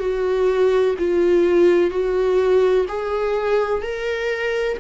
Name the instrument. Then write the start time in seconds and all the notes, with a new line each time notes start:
viola
0.00 F#4
0.99 F4
1.90 F#4
2.88 G#4
3.82 A#4